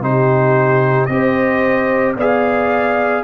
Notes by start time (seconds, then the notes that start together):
0.00 C3 D#4 G4 C5
1.06 C4 G4 D#5
1.12 C5
2.16 B3 G#4 D5 F5